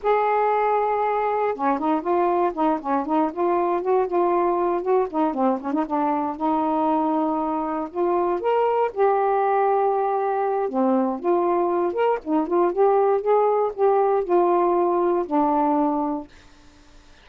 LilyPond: \new Staff \with { instrumentName = "saxophone" } { \time 4/4 \tempo 4 = 118 gis'2. cis'8 dis'8 | f'4 dis'8 cis'8 dis'8 f'4 fis'8 | f'4. fis'8 dis'8 c'8 cis'16 dis'16 d'8~ | d'8 dis'2. f'8~ |
f'8 ais'4 g'2~ g'8~ | g'4 c'4 f'4. ais'8 | dis'8 f'8 g'4 gis'4 g'4 | f'2 d'2 | }